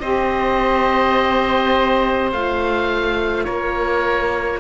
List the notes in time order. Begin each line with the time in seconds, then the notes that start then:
0.00 C4 G4 C5 D#5
2.32 A3 F4 F5
3.44 A#3 A#4 C#5